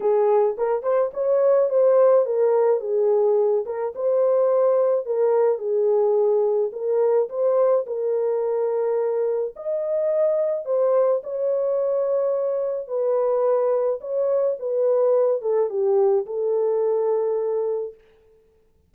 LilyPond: \new Staff \with { instrumentName = "horn" } { \time 4/4 \tempo 4 = 107 gis'4 ais'8 c''8 cis''4 c''4 | ais'4 gis'4. ais'8 c''4~ | c''4 ais'4 gis'2 | ais'4 c''4 ais'2~ |
ais'4 dis''2 c''4 | cis''2. b'4~ | b'4 cis''4 b'4. a'8 | g'4 a'2. | }